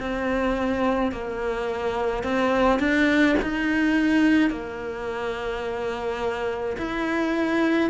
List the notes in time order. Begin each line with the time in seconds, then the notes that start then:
0.00 C4
1.12 A#3
2.23 C4
2.79 D4
3.42 D#4
4.50 A#3
6.78 E4